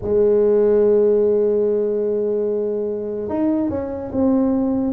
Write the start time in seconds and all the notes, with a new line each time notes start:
0.01 G#3
3.29 D#4
3.69 C#4
4.12 C4